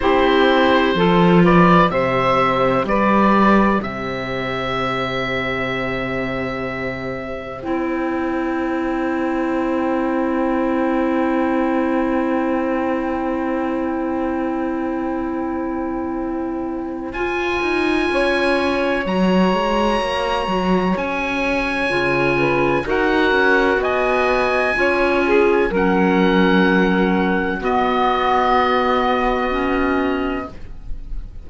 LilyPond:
<<
  \new Staff \with { instrumentName = "oboe" } { \time 4/4 \tempo 4 = 63 c''4. d''8 e''4 d''4 | e''1 | g''1~ | g''1~ |
g''2 gis''2 | ais''2 gis''2 | fis''4 gis''2 fis''4~ | fis''4 dis''2. | }
  \new Staff \with { instrumentName = "saxophone" } { \time 4/4 g'4 a'8 b'8 c''4 b'4 | c''1~ | c''1~ | c''1~ |
c''2. cis''4~ | cis''2.~ cis''8 b'8 | ais'4 dis''4 cis''8 gis'8 ais'4~ | ais'4 fis'2. | }
  \new Staff \with { instrumentName = "clarinet" } { \time 4/4 e'4 f'4 g'2~ | g'1 | e'1~ | e'1~ |
e'2 f'2 | fis'2. f'4 | fis'2 f'4 cis'4~ | cis'4 b2 cis'4 | }
  \new Staff \with { instrumentName = "cello" } { \time 4/4 c'4 f4 c4 g4 | c1 | c'1~ | c'1~ |
c'2 f'8 dis'8 cis'4 | fis8 gis8 ais8 fis8 cis'4 cis4 | dis'8 cis'8 b4 cis'4 fis4~ | fis4 b2. | }
>>